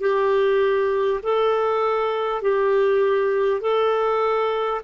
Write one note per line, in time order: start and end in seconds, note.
0.00 1.20 G4
1.23 2.41 A4
2.41 3.61 G4
3.61 4.81 A4